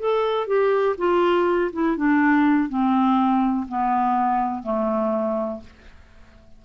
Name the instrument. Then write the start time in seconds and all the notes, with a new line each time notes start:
clarinet
0.00 A4
0.47 G4
0.98 F4
1.73 E4
1.97 D4
2.70 C4
3.69 B3
4.63 A3